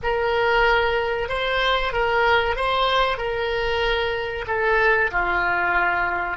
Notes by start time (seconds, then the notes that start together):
0.02 A#4
1.29 C5
1.92 A#4
2.56 C5
3.17 A#4
4.47 A4
5.11 F4